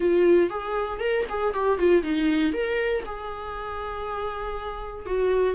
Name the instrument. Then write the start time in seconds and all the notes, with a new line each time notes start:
viola
0.00 F4
0.50 G#4
0.99 A#4
1.29 G#4
1.53 G4
1.78 F4
2.02 D#4
2.53 A#4
3.05 G#4
5.06 F#4